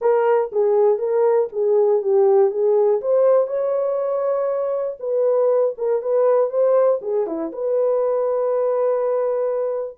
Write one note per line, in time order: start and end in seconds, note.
0.01 0.51 A#4
0.52 0.98 G#4
0.98 1.48 A#4
1.52 2.02 G#4
2.02 2.50 G4
2.50 3.00 G#4
3.01 3.47 C5
3.47 4.97 C#5
4.99 5.74 B4
5.77 6.02 A#4
6.02 6.50 B4
6.50 7.00 C5
7.01 7.26 G#4
7.26 7.51 E4
7.52 9.97 B4